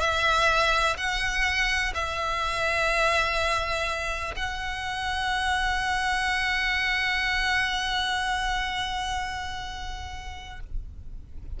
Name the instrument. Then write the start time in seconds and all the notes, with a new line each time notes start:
violin
0.00 E5
0.97 F#5
1.94 E5
4.35 F#5